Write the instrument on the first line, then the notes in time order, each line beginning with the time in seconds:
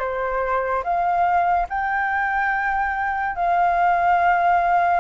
flute
0.00 C5
0.84 F5
1.69 G5
3.36 F5